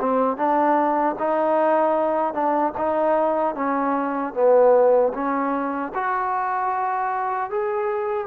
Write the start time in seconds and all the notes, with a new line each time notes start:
0.00 C4
0.37 D4
1.19 D#4
2.34 D4
2.78 D#4
3.55 C#4
4.34 B3
5.14 C#4
5.94 F#4
7.50 G#4